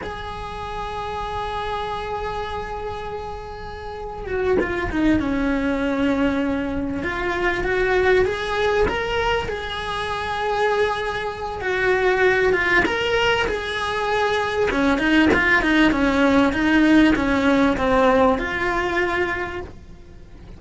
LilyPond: \new Staff \with { instrumentName = "cello" } { \time 4/4 \tempo 4 = 98 gis'1~ | gis'2. fis'8 f'8 | dis'8 cis'2. f'8~ | f'8 fis'4 gis'4 ais'4 gis'8~ |
gis'2. fis'4~ | fis'8 f'8 ais'4 gis'2 | cis'8 dis'8 f'8 dis'8 cis'4 dis'4 | cis'4 c'4 f'2 | }